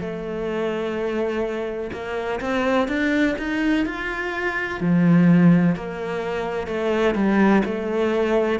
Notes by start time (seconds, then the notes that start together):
0.00 A3
1.92 A#3
2.40 C4
2.88 D4
3.38 D#4
3.85 F4
4.80 F3
5.75 A#3
6.67 A3
7.14 G3
7.65 A3